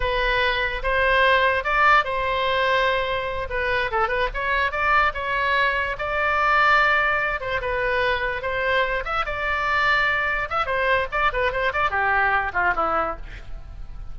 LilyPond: \new Staff \with { instrumentName = "oboe" } { \time 4/4 \tempo 4 = 146 b'2 c''2 | d''4 c''2.~ | c''8 b'4 a'8 b'8 cis''4 d''8~ | d''8 cis''2 d''4.~ |
d''2 c''8 b'4.~ | b'8 c''4. e''8 d''4.~ | d''4. e''8 c''4 d''8 b'8 | c''8 d''8 g'4. f'8 e'4 | }